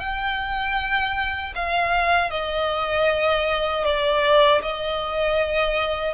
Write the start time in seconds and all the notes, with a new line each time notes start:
0.00 G5
1.55 F5
2.31 D#5
3.85 D5
4.62 D#5